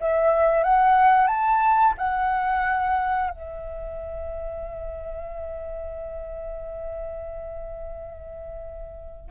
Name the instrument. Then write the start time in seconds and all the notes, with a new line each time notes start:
flute
0.00 E5
0.63 F#5
1.27 A5
1.97 F#5
3.30 E5